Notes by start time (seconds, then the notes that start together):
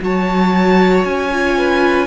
0.00 F#3 F#4 C#5 A5
1.04 C#4 G#5
1.31 F4
1.58 B4